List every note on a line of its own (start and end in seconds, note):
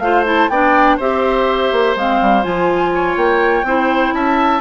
0.00 0.48 A3
0.00 0.25 F4
0.00 0.51 C5
0.00 0.25 F5
0.25 0.50 E4
0.25 0.50 A5
0.49 0.98 B3
0.49 1.00 D4
0.49 0.97 D5
0.49 0.98 G5
0.97 1.72 C4
0.97 1.97 G4
0.97 2.91 C5
0.97 1.97 E5
1.72 1.96 A#3
1.96 2.20 G#3
1.96 2.43 C4
1.96 2.43 F5
2.21 2.45 G3
2.43 3.17 F3
2.43 3.64 F4
2.43 3.16 G#5
2.95 3.67 C#5
3.17 3.64 A#3
3.17 4.14 G5
3.64 4.12 C4
3.64 4.61 E4
3.64 4.15 C5
4.13 4.61 C#4
4.13 4.61 E5
4.13 4.61 A5